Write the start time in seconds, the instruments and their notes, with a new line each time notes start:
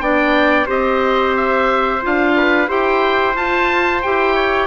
0.00 bassoon B3, clarinet D4, trumpet D5, oboe G5
0.66 bassoon C4, clarinet G4, trumpet C5, oboe D#5
1.36 oboe E5
2.02 bassoon D4, clarinet F4, oboe F5
2.36 trumpet B4
2.67 bassoon E4, clarinet G4, trumpet C5, oboe G5
3.35 clarinet F4, bassoon F4, oboe A5
4.02 bassoon E4, clarinet G4, oboe G5
4.34 trumpet C#5